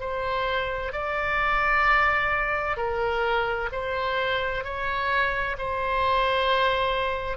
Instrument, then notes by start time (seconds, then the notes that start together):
oboe
0.00 C5
0.92 D5
2.77 A#4
3.72 C5
4.64 C#5
5.58 C5